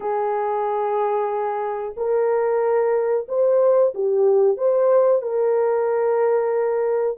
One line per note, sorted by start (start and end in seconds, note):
0.00 1.94 G#4
1.97 3.27 A#4
3.28 3.93 C5
3.94 4.57 G4
4.57 5.22 C5
5.22 7.17 A#4